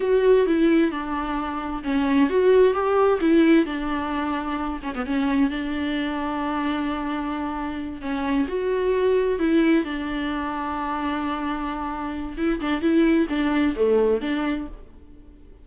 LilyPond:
\new Staff \with { instrumentName = "viola" } { \time 4/4 \tempo 4 = 131 fis'4 e'4 d'2 | cis'4 fis'4 g'4 e'4 | d'2~ d'8 cis'16 b16 cis'4 | d'1~ |
d'4. cis'4 fis'4.~ | fis'8 e'4 d'2~ d'8~ | d'2. e'8 d'8 | e'4 d'4 a4 d'4 | }